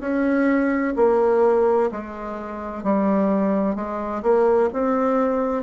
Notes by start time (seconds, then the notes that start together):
0.00 C#4
0.96 A#3
1.91 G#3
2.83 G3
3.75 G#3
4.22 A#3
4.73 C4